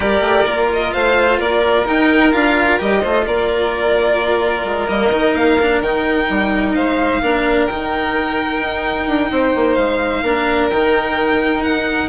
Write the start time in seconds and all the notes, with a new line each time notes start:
0.00 G3 G4 A#4 D5
0.20 A3
0.45 A#3 F4
0.73 D#5
0.92 A3 C5 F5
1.38 A#3 A#4 D5
1.85 D#4 G5
2.31 D4 F4 F5
2.78 G3 G4 D#5
3.01 A3 F4 C5
3.26 A#3 A#4 D5
4.64 G#3
4.88 G3 A#3 D#5
5.09 D#3 D#4
5.34 A#3 F5
5.60 D4
5.80 D#3 D#4 G5
6.29 G3
6.74 G#3 C5 F5
7.21 A#3 D4 A#4
7.66 D#3 D#4 G5
8.61 D#4
9.06 D4
9.30 C4 C5
9.55 A#3
9.74 G#3 F5
10.22 A#3 D4 A#4
10.70 D#3 D#4 G5
11.62 D#4 F#5